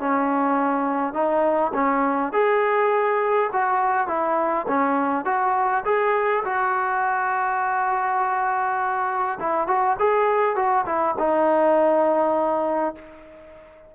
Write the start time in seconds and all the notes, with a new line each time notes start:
0.00 C#4
1.14 D#4
1.74 C#4
2.33 G#4
3.53 F#4
4.08 E4
4.68 C#4
5.25 F#4
5.85 G#4
6.45 F#4
9.40 E4
9.68 F#4
10.00 G#4
10.56 F#4
10.86 E4
11.19 D#4